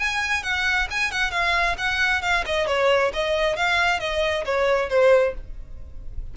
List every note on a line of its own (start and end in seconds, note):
0.00 0.43 G#5
0.43 0.88 F#5
0.91 1.12 G#5
1.12 1.31 F#5
1.31 1.76 F5
1.78 2.22 F#5
2.22 2.45 F5
2.46 2.67 D#5
2.67 3.12 C#5
3.14 3.57 D#5
3.57 4.00 F5
4.00 4.45 D#5
4.45 4.90 C#5
4.90 5.35 C5